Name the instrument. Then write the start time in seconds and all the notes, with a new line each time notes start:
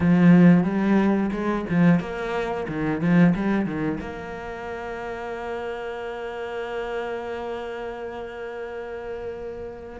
cello
0.00 F3
0.63 G3
1.32 G#3
1.69 F3
2.00 A#3
2.68 D#3
3.00 F3
3.35 G3
3.65 D#3
4.00 A#3